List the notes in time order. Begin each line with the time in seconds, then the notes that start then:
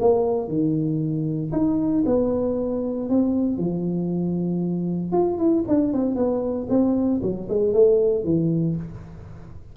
0.00 A#3
0.48 D#3
1.52 D#4
2.05 B3
3.09 C4
3.57 F3
5.12 F4
5.38 E4
5.67 D4
5.93 C4
6.15 B3
6.69 C4
7.22 F#3
7.49 G#3
7.73 A3
8.24 E3